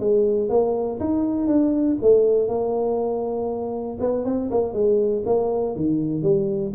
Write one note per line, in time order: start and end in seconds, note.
0.00 0.49 G#3
0.49 0.99 A#3
1.00 1.47 D#4
1.47 1.97 D4
2.02 2.48 A3
2.48 3.98 A#3
4.00 4.25 B3
4.25 4.50 C4
4.51 4.73 A#3
4.73 5.23 G#3
5.26 5.76 A#3
5.76 6.22 D#3
6.22 6.72 G3